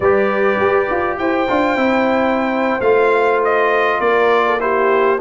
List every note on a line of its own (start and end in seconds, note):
0.00 0.59 G3
0.00 1.48 G4
0.00 1.18 B4
0.00 1.18 D5
0.60 0.89 G4
0.90 1.18 F4
1.18 1.48 E4
1.18 4.01 C5
1.18 2.81 G5
1.48 1.75 D4
1.48 1.76 F4
1.75 2.79 C4
1.75 2.80 E4
2.80 3.99 A3
2.80 4.59 F4
2.80 3.40 F5
3.44 4.00 D#5
4.00 5.19 A#3
4.00 4.45 A#4
4.00 4.60 D5
4.46 4.60 A4
4.59 5.18 E4
4.59 5.20 G4
4.59 5.19 C5